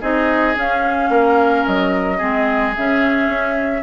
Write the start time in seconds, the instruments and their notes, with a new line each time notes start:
0.00 bassoon C4, clarinet D#4, oboe G#4, flute D#5
0.55 clarinet C#4, bassoon C#4, flute F5
1.09 bassoon A#3, oboe A#4
1.66 bassoon F#3, flute D#5
2.17 bassoon G#3, clarinet C4, oboe G#4
2.76 bassoon C#3, clarinet C#4, flute E5
3.27 bassoon C#4